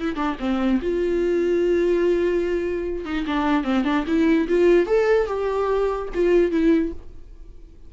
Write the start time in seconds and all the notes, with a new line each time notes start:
0.00 E4
0.16 D4
0.40 C4
0.82 F4
3.05 D#4
3.27 D4
3.64 C4
3.85 D4
4.07 E4
4.49 F4
4.87 A4
5.27 G4
6.15 F4
6.51 E4